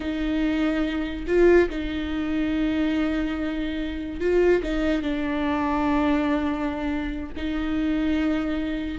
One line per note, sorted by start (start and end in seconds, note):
0.00 1.26 D#4
1.27 1.69 F4
1.69 4.20 D#4
4.20 4.62 F4
4.63 5.02 D#4
5.02 7.33 D4
7.36 8.98 D#4